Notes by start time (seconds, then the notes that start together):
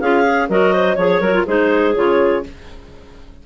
0.00 C#4 F4 G#4 F5
0.25 G#4
0.49 F#3 F#4 A#4 D#5
0.73 C5
0.95 F3 G#4 C#5
1.21 F#3 F#4 A#4
1.34 F4
1.45 G#3 D#4 G#4 C5
1.95 C#3 F4 C#5